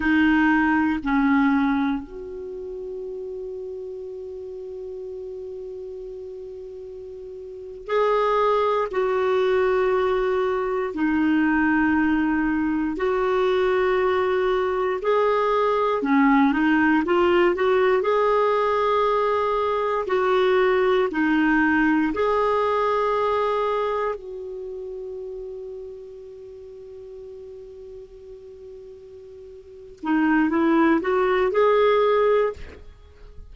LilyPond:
\new Staff \with { instrumentName = "clarinet" } { \time 4/4 \tempo 4 = 59 dis'4 cis'4 fis'2~ | fis'2.~ fis'8. gis'16~ | gis'8. fis'2 dis'4~ dis'16~ | dis'8. fis'2 gis'4 cis'16~ |
cis'16 dis'8 f'8 fis'8 gis'2 fis'16~ | fis'8. dis'4 gis'2 fis'16~ | fis'1~ | fis'4. dis'8 e'8 fis'8 gis'4 | }